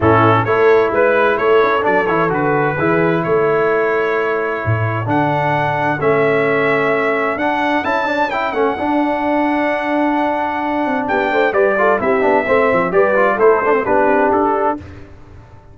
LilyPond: <<
  \new Staff \with { instrumentName = "trumpet" } { \time 4/4 \tempo 4 = 130 a'4 cis''4 b'4 cis''4 | d''8 cis''8 b'2 cis''4~ | cis''2. fis''4~ | fis''4 e''2. |
fis''4 a''4 g''8 fis''4.~ | fis''1 | g''4 d''4 e''2 | d''4 c''4 b'4 a'4 | }
  \new Staff \with { instrumentName = "horn" } { \time 4/4 e'4 a'4 b'4 a'4~ | a'2 gis'4 a'4~ | a'1~ | a'1~ |
a'1~ | a'1 | g'8 c''8 b'8 a'8 g'4 c''4 | b'4 a'4 g'2 | }
  \new Staff \with { instrumentName = "trombone" } { \time 4/4 cis'4 e'2. | d'8 e'8 fis'4 e'2~ | e'2. d'4~ | d'4 cis'2. |
d'4 e'8 d'8 e'8 cis'8 d'4~ | d'1~ | d'4 g'8 f'8 e'8 d'8 c'4 | g'8 f'8 e'8 d'16 c'16 d'2 | }
  \new Staff \with { instrumentName = "tuba" } { \time 4/4 a,4 a4 gis4 a8 cis'8 | fis8 e8 d4 e4 a4~ | a2 a,4 d4~ | d4 a2. |
d'4 cis'4. a8 d'4~ | d'2.~ d'8 c'8 | b8 a8 g4 c'8 b8 a8 f8 | g4 a4 b8 c'8 d'4 | }
>>